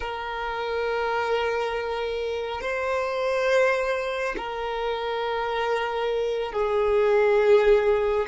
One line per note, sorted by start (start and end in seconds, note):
0.00 2.61 A#4
2.61 4.35 C5
4.37 6.52 A#4
6.52 8.26 G#4